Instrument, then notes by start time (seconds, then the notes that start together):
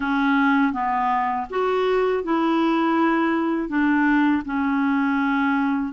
clarinet
0.00 C#4
0.72 B3
1.50 F#4
2.23 E4
3.68 D4
4.45 C#4